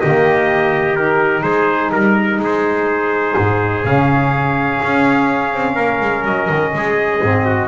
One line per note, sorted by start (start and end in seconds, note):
0.00 1.43 D#3
0.00 0.95 A#3
0.00 1.43 G4
0.00 0.96 D#5
0.95 3.83 D#4
0.95 1.42 A#4
1.42 1.91 G#3
1.42 1.91 G#4
1.42 1.90 C5
1.91 2.39 G3
1.91 2.40 A#4
2.39 3.35 G#3
2.39 5.75 G#4
2.39 3.85 C5
3.37 3.85 G#2
3.83 4.81 C#3
3.83 7.19 C#4
3.83 6.25 F5
4.82 5.53 C#4
5.53 5.76 C4
5.75 6.00 A#3
5.75 6.71 A#4
6.00 6.24 G#3
6.24 6.48 F#3
6.24 7.68 D#5
6.49 6.73 D#3
6.73 7.21 G#3
6.73 7.45 G#4
7.21 7.68 G#2
7.21 7.68 C4
7.45 7.68 F#4